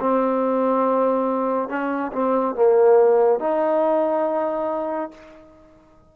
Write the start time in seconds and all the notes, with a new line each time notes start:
0.00 C4
1.69 C#4
2.13 C4
2.56 A#3
3.40 D#4